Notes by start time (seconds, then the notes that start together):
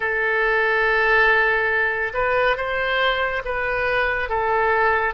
0.00 A4
2.14 B4
2.56 C5
3.44 B4
4.29 A4